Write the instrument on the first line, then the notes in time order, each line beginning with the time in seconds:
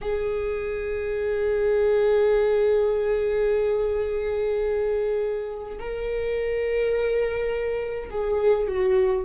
viola
0.01 G#4
5.78 A#4
8.10 G#4
8.67 F#4